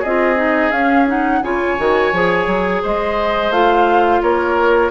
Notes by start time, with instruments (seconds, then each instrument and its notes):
0.00 bassoon C4, clarinet F4, oboe G#4, flute D#5
0.36 clarinet D#4
0.71 bassoon C#4, clarinet C#4, flute F5
1.07 clarinet D#4, flute F#5
1.42 bassoon C#3, clarinet F4, oboe C#5, flute G#5
1.78 bassoon D#3, clarinet F#4
2.12 bassoon F3, clarinet G#4
2.47 bassoon F#3
2.82 bassoon G#3, oboe C5, flute D#5
3.50 bassoon A3, clarinet F4, flute F5
4.22 bassoon A#3, oboe A#4, flute C#5